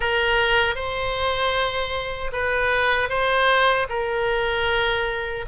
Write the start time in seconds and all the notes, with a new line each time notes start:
0.00 A#4
0.75 C5
2.32 B4
3.09 C5
3.89 A#4